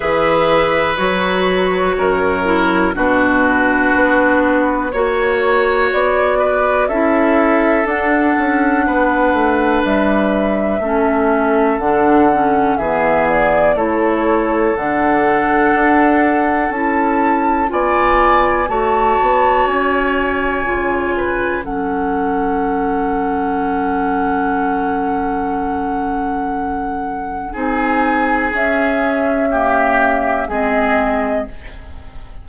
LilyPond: <<
  \new Staff \with { instrumentName = "flute" } { \time 4/4 \tempo 4 = 61 e''4 cis''2 b'4~ | b'4 cis''4 d''4 e''4 | fis''2 e''2 | fis''4 e''8 d''8 cis''4 fis''4~ |
fis''4 a''4 gis''4 a''4 | gis''2 fis''2~ | fis''1 | gis''4 e''2 dis''4 | }
  \new Staff \with { instrumentName = "oboe" } { \time 4/4 b'2 ais'4 fis'4~ | fis'4 cis''4. b'8 a'4~ | a'4 b'2 a'4~ | a'4 gis'4 a'2~ |
a'2 d''4 cis''4~ | cis''4. b'8 a'2~ | a'1 | gis'2 g'4 gis'4 | }
  \new Staff \with { instrumentName = "clarinet" } { \time 4/4 gis'4 fis'4. e'8 d'4~ | d'4 fis'2 e'4 | d'2. cis'4 | d'8 cis'8 b4 e'4 d'4~ |
d'4 e'4 f'4 fis'4~ | fis'4 f'4 cis'2~ | cis'1 | dis'4 cis'4 ais4 c'4 | }
  \new Staff \with { instrumentName = "bassoon" } { \time 4/4 e4 fis4 fis,4 b,4 | b4 ais4 b4 cis'4 | d'8 cis'8 b8 a8 g4 a4 | d4 e4 a4 d4 |
d'4 cis'4 b4 a8 b8 | cis'4 cis4 fis2~ | fis1 | c'4 cis'2 gis4 | }
>>